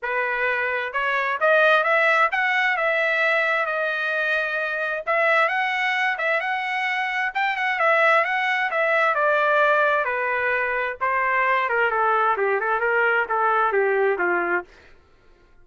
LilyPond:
\new Staff \with { instrumentName = "trumpet" } { \time 4/4 \tempo 4 = 131 b'2 cis''4 dis''4 | e''4 fis''4 e''2 | dis''2. e''4 | fis''4. e''8 fis''2 |
g''8 fis''8 e''4 fis''4 e''4 | d''2 b'2 | c''4. ais'8 a'4 g'8 a'8 | ais'4 a'4 g'4 f'4 | }